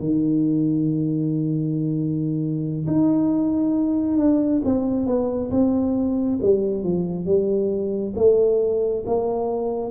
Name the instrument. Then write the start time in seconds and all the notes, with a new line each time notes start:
tuba
0.00 D#3
2.87 D#4
4.18 D4
4.65 C4
5.07 B3
5.51 C4
6.42 G3
6.84 F3
7.26 G3
8.16 A3
9.06 A#3